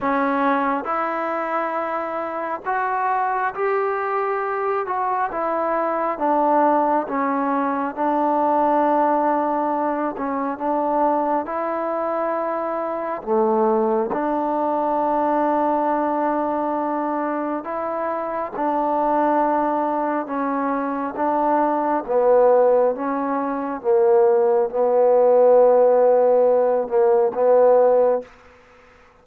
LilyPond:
\new Staff \with { instrumentName = "trombone" } { \time 4/4 \tempo 4 = 68 cis'4 e'2 fis'4 | g'4. fis'8 e'4 d'4 | cis'4 d'2~ d'8 cis'8 | d'4 e'2 a4 |
d'1 | e'4 d'2 cis'4 | d'4 b4 cis'4 ais4 | b2~ b8 ais8 b4 | }